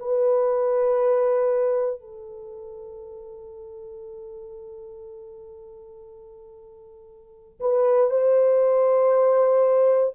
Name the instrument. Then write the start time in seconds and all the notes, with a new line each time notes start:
horn
0.00 B4
2.01 A4
7.60 B4
8.11 C5